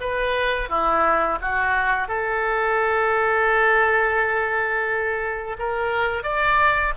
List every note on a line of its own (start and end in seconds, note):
0.00 0.69 B4
0.69 1.39 E4
1.41 2.08 F#4
2.08 5.57 A4
5.59 6.23 A#4
6.23 6.93 D5